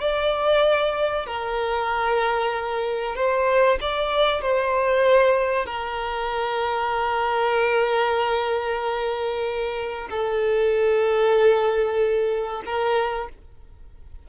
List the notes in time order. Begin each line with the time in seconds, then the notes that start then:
0.00 D5
1.26 A#4
3.15 C5
3.81 D5
4.41 C5
5.66 A#4
10.10 A4
12.65 A#4